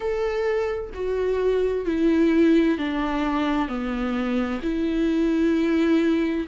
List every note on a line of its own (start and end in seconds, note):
0.00 0.90 A4
0.94 1.85 F#4
1.85 2.77 E4
2.78 3.68 D4
3.68 4.60 B3
4.62 6.47 E4